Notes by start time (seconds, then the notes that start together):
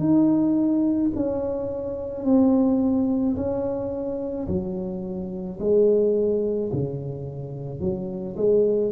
0.00 D#4
1.16 C#4
2.25 C4
3.37 C#4
4.48 F#3
5.61 G#3
6.73 C#3
7.81 F#3
8.37 G#3